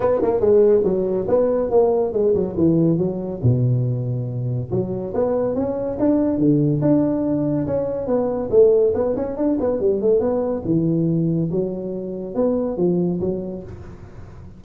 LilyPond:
\new Staff \with { instrumentName = "tuba" } { \time 4/4 \tempo 4 = 141 b8 ais8 gis4 fis4 b4 | ais4 gis8 fis8 e4 fis4 | b,2. fis4 | b4 cis'4 d'4 d4 |
d'2 cis'4 b4 | a4 b8 cis'8 d'8 b8 g8 a8 | b4 e2 fis4~ | fis4 b4 f4 fis4 | }